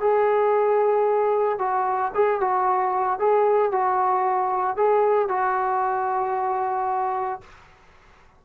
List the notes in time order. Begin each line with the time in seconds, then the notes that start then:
0.00 G#4
1.59 F#4
2.14 G#4
2.40 F#4
3.19 G#4
3.72 F#4
4.76 G#4
5.29 F#4